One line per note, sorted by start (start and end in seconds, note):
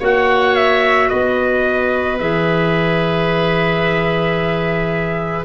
0.00 1.10 A#3
0.00 2.18 F#4
0.00 1.09 C#5
0.00 0.55 F#5
0.55 1.09 E5
1.09 2.20 B3
1.09 5.45 B4
1.09 2.18 D#5
2.20 5.45 E3
2.20 5.45 G#4
2.20 5.45 E5